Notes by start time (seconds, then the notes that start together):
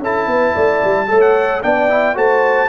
0.00 C#4 E4 A4 A5
0.27 B3 B4
0.54 A3 D5
0.84 G3
1.07 A3 A4 C#5
1.21 F#5
1.62 B3 D4 D5 G5
1.89 E4
2.15 A3 F#4 C5 A5